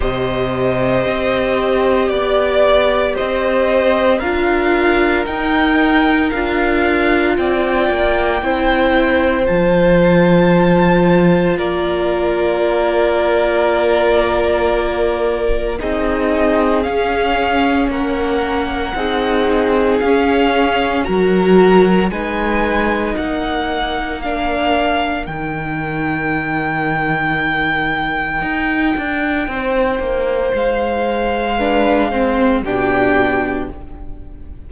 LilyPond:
<<
  \new Staff \with { instrumentName = "violin" } { \time 4/4 \tempo 4 = 57 dis''2 d''4 dis''4 | f''4 g''4 f''4 g''4~ | g''4 a''2 d''4~ | d''2. dis''4 |
f''4 fis''2 f''4 | ais''4 gis''4 fis''4 f''4 | g''1~ | g''4 f''2 g''4 | }
  \new Staff \with { instrumentName = "violin" } { \time 4/4 c''2 d''4 c''4 | ais'2. d''4 | c''2. ais'4~ | ais'2. gis'4~ |
gis'4 ais'4 gis'2 | ais'4 b'4 ais'2~ | ais'1 | c''2 b'8 c''8 g'4 | }
  \new Staff \with { instrumentName = "viola" } { \time 4/4 g'1 | f'4 dis'4 f'2 | e'4 f'2.~ | f'2. dis'4 |
cis'2 dis'4 cis'4 | fis'4 dis'2 d'4 | dis'1~ | dis'2 d'8 c'8 d'4 | }
  \new Staff \with { instrumentName = "cello" } { \time 4/4 c4 c'4 b4 c'4 | d'4 dis'4 d'4 c'8 ais8 | c'4 f2 ais4~ | ais2. c'4 |
cis'4 ais4 c'4 cis'4 | fis4 gis4 ais2 | dis2. dis'8 d'8 | c'8 ais8 gis2 b,4 | }
>>